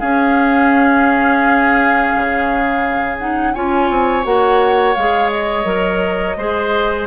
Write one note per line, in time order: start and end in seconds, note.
0.00 3.18 C#4
0.00 2.13 C#4
0.00 3.53 G#4
0.00 3.18 F5
2.16 3.56 C#3
3.19 3.54 D#4
3.19 3.54 F#5
3.54 3.90 C#4
3.54 4.24 F4
3.54 6.37 C#5
3.54 4.24 G#5
3.90 4.25 C4
4.24 4.96 A#3
4.24 4.94 F#4
4.24 4.95 F#5
4.95 5.65 G#3
4.95 5.65 G#4
4.95 5.31 F5
5.32 7.07 D#5
5.65 6.35 F#3
5.65 6.36 A#4
6.37 7.07 G#3
6.37 7.07 G#4
6.37 7.07 C5